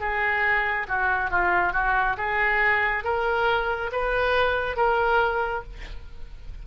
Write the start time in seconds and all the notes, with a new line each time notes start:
0.00 G#4
0.88 F#4
1.30 F4
1.73 F#4
2.17 G#4
3.04 A#4
3.92 B4
4.77 A#4